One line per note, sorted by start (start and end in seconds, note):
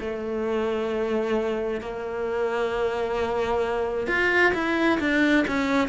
0.00 1.81 A3
1.81 4.07 A#3
4.07 4.53 F4
4.54 4.99 E4
5.00 5.45 D4
5.48 5.88 C#4